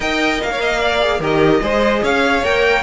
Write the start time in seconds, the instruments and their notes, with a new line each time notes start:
0.00 cello D#4, viola A#4, violin D#5 G5
0.42 cello A#3, violin F5
0.51 violin C#5
0.60 violin D#5
0.80 violin D5
1.00 viola G#4
1.19 cello D#3, viola G4, violin A#4 D#5
1.62 cello G#3, viola G#4, violin C5
2.03 cello C#4, violin C#5 F5
2.43 cello A#3, viola A#4, violin G5